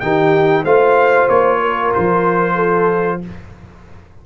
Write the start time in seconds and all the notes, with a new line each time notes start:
0.00 D#3 D#4 G4 G5
0.64 A3 F4 C5 F5
1.29 A#3 C#5
1.61 A#4
1.94 F3 C5
2.55 A4